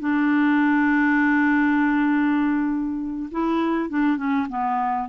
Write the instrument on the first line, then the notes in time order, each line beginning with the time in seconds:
clarinet
0.00 D4
3.32 E4
3.89 D4
4.17 C#4
4.49 B3